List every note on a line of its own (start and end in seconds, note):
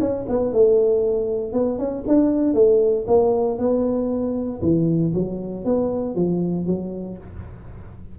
0.00 0.26 C#4
0.29 0.53 B3
0.53 1.53 A3
1.53 1.79 B3
1.79 2.04 C#4
2.07 2.54 D4
2.54 3.06 A3
3.07 3.59 A#3
3.59 4.61 B3
4.62 5.13 E3
5.14 5.65 F#3
5.65 6.15 B3
6.15 6.66 F3
6.66 7.18 F#3